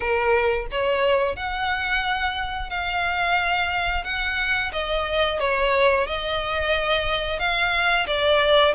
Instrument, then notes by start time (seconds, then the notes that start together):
violin
0.00 A#4
0.71 C#5
1.36 F#5
2.70 F5
4.04 F#5
4.72 D#5
5.39 C#5
6.06 D#5
7.39 F5
8.07 D5